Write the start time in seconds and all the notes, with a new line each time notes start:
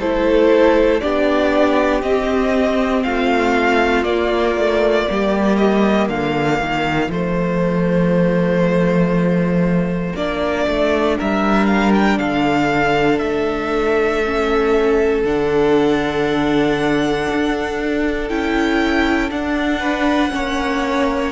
0.00 A3 E4 A4 C5
1.00 B3 D4 G4 D5
2.02 C4 D#5
3.03 A3 F4 F5
4.04 A#3 D5
4.58 A3
5.06 G3 A#3 G4
5.57 D#5
6.09 D3 F4 F5
6.61 D#3
7.08 F3 A3 C5
10.16 A#3 D4 D5
10.67 A3
11.18 G3 A#4 E5
11.66 F5
11.95 G5
12.18 D3 A4 F5
13.18 A3 E5
14.25 C#4
15.24 D3 D4 F#5
17.30 D4
18.28 C#4 E4 G5
19.31 D4 F#5
19.80 B4
20.30 A#3 C#4 C#5